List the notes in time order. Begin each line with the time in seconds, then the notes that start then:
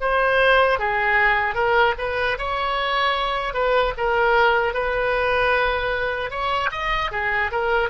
0.00 C5
0.79 G#4
1.54 A#4
1.98 B4
2.38 C#5
3.53 B4
3.97 A#4
4.74 B4
6.30 C#5
6.71 D#5
7.11 G#4
7.51 A#4